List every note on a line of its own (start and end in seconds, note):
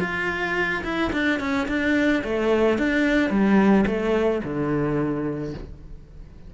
0.00 0.83 F4
0.83 1.11 E4
1.12 1.39 D4
1.39 1.67 C#4
1.68 2.23 D4
2.24 2.78 A3
2.78 3.30 D4
3.30 3.85 G3
3.86 4.41 A3
4.43 5.53 D3